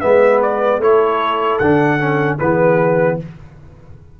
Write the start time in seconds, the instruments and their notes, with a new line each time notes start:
0.00 tuba G#3, trombone B3, horn B4, trumpet E5
0.42 trumpet D5
0.78 tuba A3, trombone E4, horn A4, trumpet C#5
1.58 tuba D3, trombone D4, trumpet F#5
1.99 trombone C#4
2.38 tuba E3, trombone B3, horn G#4, trumpet B4